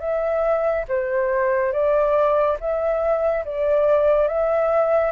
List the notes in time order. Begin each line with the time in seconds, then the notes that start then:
0.00 E5
0.89 C5
1.73 D5
2.60 E5
3.45 D5
4.28 E5